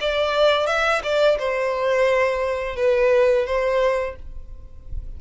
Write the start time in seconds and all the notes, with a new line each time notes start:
0.00 D5
0.67 E5
1.03 D5
1.38 C5
2.76 B4
3.46 C5